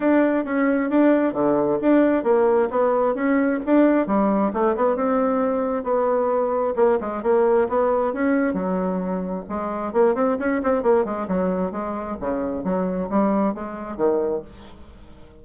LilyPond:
\new Staff \with { instrumentName = "bassoon" } { \time 4/4 \tempo 4 = 133 d'4 cis'4 d'4 d4 | d'4 ais4 b4 cis'4 | d'4 g4 a8 b8 c'4~ | c'4 b2 ais8 gis8 |
ais4 b4 cis'4 fis4~ | fis4 gis4 ais8 c'8 cis'8 c'8 | ais8 gis8 fis4 gis4 cis4 | fis4 g4 gis4 dis4 | }